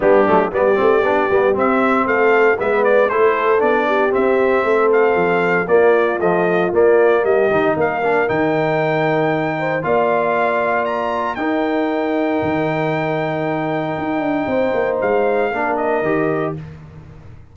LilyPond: <<
  \new Staff \with { instrumentName = "trumpet" } { \time 4/4 \tempo 4 = 116 g'4 d''2 e''4 | f''4 e''8 d''8 c''4 d''4 | e''4. f''4. d''4 | dis''4 d''4 dis''4 f''4 |
g''2. f''4~ | f''4 ais''4 g''2~ | g''1~ | g''4 f''4. dis''4. | }
  \new Staff \with { instrumentName = "horn" } { \time 4/4 d'4 g'2. | a'4 b'4 a'4. g'8~ | g'4 a'2 f'4~ | f'2 g'4 ais'4~ |
ais'2~ ais'8 c''8 d''4~ | d''2 ais'2~ | ais'1 | c''2 ais'2 | }
  \new Staff \with { instrumentName = "trombone" } { \time 4/4 b8 a8 b8 c'8 d'8 b8 c'4~ | c'4 b4 e'4 d'4 | c'2. ais4 | f4 ais4. dis'4 d'8 |
dis'2. f'4~ | f'2 dis'2~ | dis'1~ | dis'2 d'4 g'4 | }
  \new Staff \with { instrumentName = "tuba" } { \time 4/4 g8 fis8 g8 a8 b8 g8 c'4 | a4 gis4 a4 b4 | c'4 a4 f4 ais4 | a4 ais4 g8 dis8 ais4 |
dis2. ais4~ | ais2 dis'2 | dis2. dis'8 d'8 | c'8 ais8 gis4 ais4 dis4 | }
>>